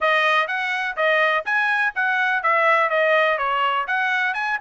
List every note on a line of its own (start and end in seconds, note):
0.00 0.47 D#5
0.47 0.95 F#5
0.96 1.45 D#5
1.45 1.93 G#5
1.95 2.43 F#5
2.43 2.89 E5
2.89 3.38 D#5
3.38 3.86 C#5
3.87 4.34 F#5
4.34 4.58 G#5